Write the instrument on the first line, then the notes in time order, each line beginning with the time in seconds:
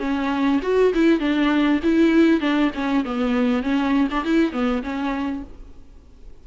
viola
0.00 C#4
0.63 F#4
0.94 E4
1.20 D4
1.83 E4
2.40 D4
2.74 C#4
3.05 B3
3.63 C#4
4.11 D4
4.25 E4
4.52 B3
4.83 C#4